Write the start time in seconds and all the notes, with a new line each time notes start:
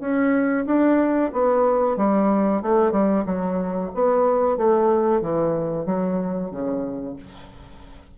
0.00 C#4
0.66 D4
1.33 B3
1.97 G3
2.62 A3
2.92 G3
3.26 F#3
3.95 B3
4.57 A3
5.21 E3
5.86 F#3
6.51 C#3